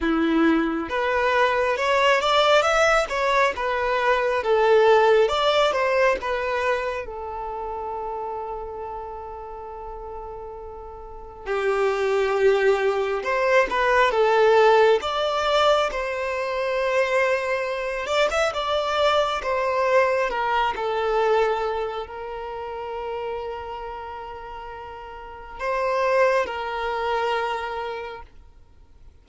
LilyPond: \new Staff \with { instrumentName = "violin" } { \time 4/4 \tempo 4 = 68 e'4 b'4 cis''8 d''8 e''8 cis''8 | b'4 a'4 d''8 c''8 b'4 | a'1~ | a'4 g'2 c''8 b'8 |
a'4 d''4 c''2~ | c''8 d''16 e''16 d''4 c''4 ais'8 a'8~ | a'4 ais'2.~ | ais'4 c''4 ais'2 | }